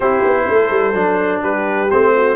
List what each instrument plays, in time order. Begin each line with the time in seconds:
0.00 tuba C4, trombone E4, horn G4, trumpet C5
0.24 tuba B3
0.48 tuba A3, horn A4
0.70 tuba G3
0.93 tuba F#3, trombone D4
1.41 tuba G3, horn G4, trumpet B4
1.90 tuba A3, trombone C4, trumpet C5
2.15 horn F#4